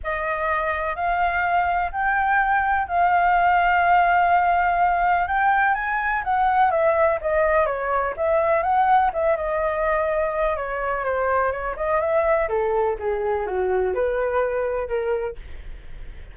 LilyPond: \new Staff \with { instrumentName = "flute" } { \time 4/4 \tempo 4 = 125 dis''2 f''2 | g''2 f''2~ | f''2. g''4 | gis''4 fis''4 e''4 dis''4 |
cis''4 e''4 fis''4 e''8 dis''8~ | dis''2 cis''4 c''4 | cis''8 dis''8 e''4 a'4 gis'4 | fis'4 b'2 ais'4 | }